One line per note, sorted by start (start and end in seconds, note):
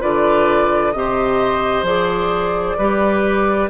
0.00 0.94 D3
0.00 0.92 F4
0.00 0.92 B4
0.00 0.92 D5
0.92 1.82 C3
0.92 1.85 G4
0.92 2.77 C5
0.92 1.84 D#5
1.82 2.74 F3
1.82 2.77 G#4
1.82 3.69 D5
2.77 3.69 G3
2.77 3.69 G4
2.77 3.69 B4